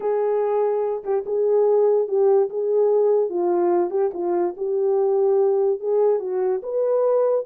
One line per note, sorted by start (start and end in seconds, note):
0.00 1.03 G#4
1.03 1.24 G4
1.25 2.07 G#4
2.07 2.49 G4
2.49 3.29 G#4
3.29 3.90 F4
3.90 4.11 G4
4.13 4.55 F4
4.56 5.80 G4
5.80 6.19 G#4
6.19 6.61 F#4
6.62 7.45 B4